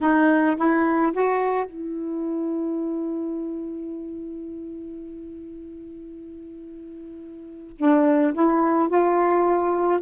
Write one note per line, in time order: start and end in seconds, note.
0.01 0.56 D#4
0.56 1.12 E4
1.12 1.65 F#4
1.65 7.76 E4
7.78 8.33 D4
8.34 8.89 E4
8.89 10.00 F4